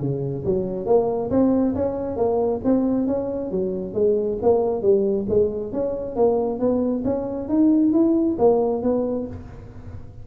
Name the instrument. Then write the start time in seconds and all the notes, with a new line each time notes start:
tuba
0.00 C#3
0.45 F#3
0.86 A#3
1.31 C4
1.75 C#4
2.17 A#3
2.65 C4
3.07 C#4
3.52 F#3
3.94 G#3
4.43 A#3
4.82 G3
5.29 G#3
5.73 C#4
6.16 A#3
6.60 B3
7.05 C#4
7.49 D#4
7.93 E4
8.39 A#3
8.83 B3